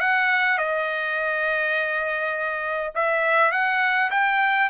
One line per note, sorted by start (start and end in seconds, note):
0.00 0.58 F#5
0.58 2.94 D#5
2.95 3.52 E5
3.52 4.10 F#5
4.11 4.70 G5